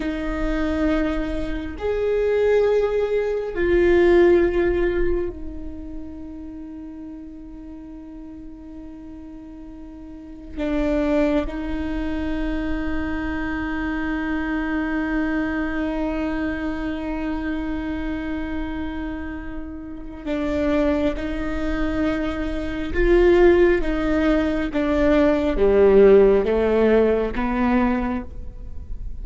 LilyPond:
\new Staff \with { instrumentName = "viola" } { \time 4/4 \tempo 4 = 68 dis'2 gis'2 | f'2 dis'2~ | dis'1 | d'4 dis'2.~ |
dis'1~ | dis'2. d'4 | dis'2 f'4 dis'4 | d'4 g4 a4 b4 | }